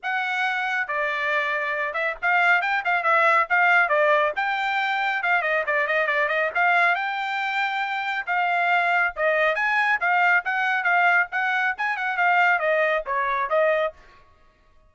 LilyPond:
\new Staff \with { instrumentName = "trumpet" } { \time 4/4 \tempo 4 = 138 fis''2 d''2~ | d''8 e''8 f''4 g''8 f''8 e''4 | f''4 d''4 g''2 | f''8 dis''8 d''8 dis''8 d''8 dis''8 f''4 |
g''2. f''4~ | f''4 dis''4 gis''4 f''4 | fis''4 f''4 fis''4 gis''8 fis''8 | f''4 dis''4 cis''4 dis''4 | }